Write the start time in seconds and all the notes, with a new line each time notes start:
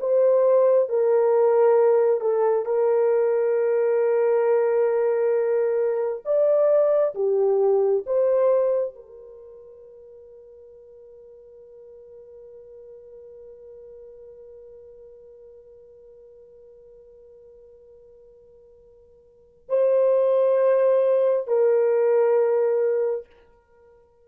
0.00 C5
0.89 A#4
2.21 A4
2.66 A#4
6.25 D5
7.15 G4
8.07 C5
8.96 A#4
19.69 C5
21.48 A#4